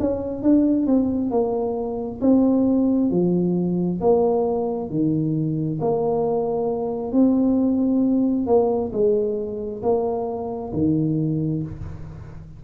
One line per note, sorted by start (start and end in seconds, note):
0.00 0.43 C#4
0.43 0.87 D4
0.87 1.31 C4
1.31 2.21 A#3
2.21 3.11 C4
3.11 4.00 F3
4.01 4.90 A#3
4.90 5.80 D#3
5.81 7.13 A#3
7.13 8.47 C4
8.47 8.92 A#3
8.93 9.83 G#3
9.83 10.72 A#3
10.73 11.63 D#3